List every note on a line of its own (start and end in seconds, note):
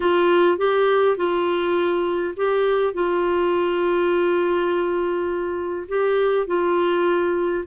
0.00 0.57 F4
0.57 1.16 G4
1.16 2.34 F4
2.36 2.93 G4
2.93 5.87 F4
5.88 6.46 G4
6.46 7.64 F4